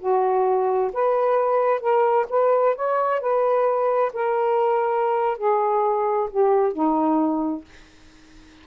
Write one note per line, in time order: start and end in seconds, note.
0.00 0.92 F#4
0.94 1.81 B4
1.81 2.27 A#4
2.30 2.76 B4
2.76 3.21 C#5
3.21 4.12 B4
4.14 5.38 A#4
5.38 6.30 G#4
6.31 6.73 G4
6.73 7.65 D#4